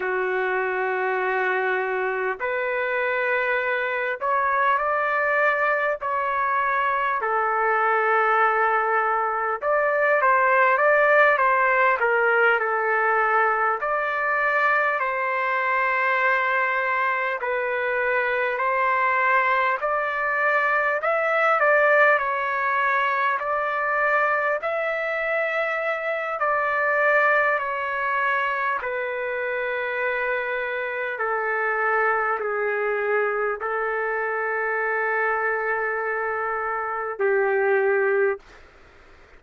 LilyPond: \new Staff \with { instrumentName = "trumpet" } { \time 4/4 \tempo 4 = 50 fis'2 b'4. cis''8 | d''4 cis''4 a'2 | d''8 c''8 d''8 c''8 ais'8 a'4 d''8~ | d''8 c''2 b'4 c''8~ |
c''8 d''4 e''8 d''8 cis''4 d''8~ | d''8 e''4. d''4 cis''4 | b'2 a'4 gis'4 | a'2. g'4 | }